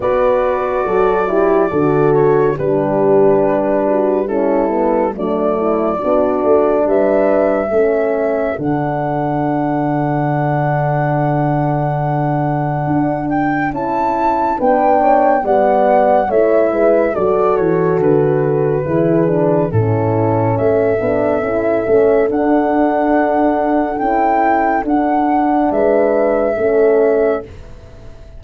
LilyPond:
<<
  \new Staff \with { instrumentName = "flute" } { \time 4/4 \tempo 4 = 70 d''2~ d''8 cis''8 b'4~ | b'4 a'4 d''2 | e''2 fis''2~ | fis''2.~ fis''8 g''8 |
a''4 g''4 fis''4 e''4 | d''8 cis''8 b'2 a'4 | e''2 fis''2 | g''4 fis''4 e''2 | }
  \new Staff \with { instrumentName = "horn" } { \time 4/4 b'4 a'8 g'8 a'4 g'4~ | g'8 fis'8 e'4 d'8 e'8 fis'4 | b'4 a'2.~ | a'1~ |
a'4 b'8 cis''8 d''4 cis''8 b'8 | a'2 gis'4 e'4 | a'1~ | a'2 b'4 a'4 | }
  \new Staff \with { instrumentName = "horn" } { \time 4/4 fis'4. e'8 fis'4 d'4~ | d'4 cis'8 b8 a4 d'4~ | d'4 cis'4 d'2~ | d'1 |
e'4 d'4 b4 e'4 | fis'2 e'8 d'8 cis'4~ | cis'8 d'8 e'8 cis'8 d'2 | e'4 d'2 cis'4 | }
  \new Staff \with { instrumentName = "tuba" } { \time 4/4 b4 fis4 d4 g4~ | g2 fis4 b8 a8 | g4 a4 d2~ | d2. d'4 |
cis'4 b4 g4 a8 gis8 | fis8 e8 d4 e4 a,4 | a8 b8 cis'8 a8 d'2 | cis'4 d'4 gis4 a4 | }
>>